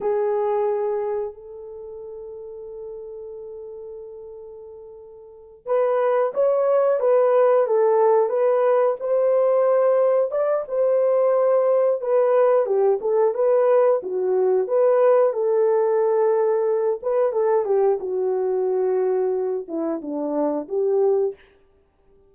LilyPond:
\new Staff \with { instrumentName = "horn" } { \time 4/4 \tempo 4 = 90 gis'2 a'2~ | a'1~ | a'8 b'4 cis''4 b'4 a'8~ | a'8 b'4 c''2 d''8 |
c''2 b'4 g'8 a'8 | b'4 fis'4 b'4 a'4~ | a'4. b'8 a'8 g'8 fis'4~ | fis'4. e'8 d'4 g'4 | }